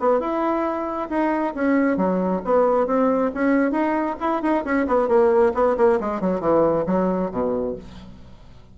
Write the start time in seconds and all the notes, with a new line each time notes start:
0.00 B3
0.20 E4
1.09 D#4
1.55 C#4
1.97 F#3
2.45 B3
2.87 C4
3.34 C#4
3.72 D#4
4.20 E4
4.42 D#4
4.65 C#4
4.87 B3
5.08 A#3
5.55 B3
5.77 A#3
6.00 G#3
6.21 F#3
6.40 E3
6.86 F#3
7.31 B2